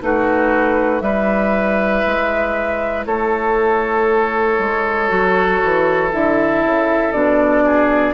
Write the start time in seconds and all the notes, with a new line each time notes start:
0.00 A3 D#4 F#4 B4
1.01 G3 E4 B4 E5
2.06 G#3
3.06 A3 A4 C#5
4.58 G#3
5.08 F#3 F#4
5.63 E3
6.11 D3 E4 E5
6.64 C#3
7.12 B2 D4 D5
7.64 G#4